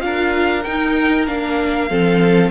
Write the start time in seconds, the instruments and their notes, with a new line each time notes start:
0.00 cello D4, viola F4, violin A#4 F5
0.64 cello D#4, viola D#4, violin G5
1.27 cello A#3, viola D4, violin F5
1.89 cello F3, viola C4, violin A4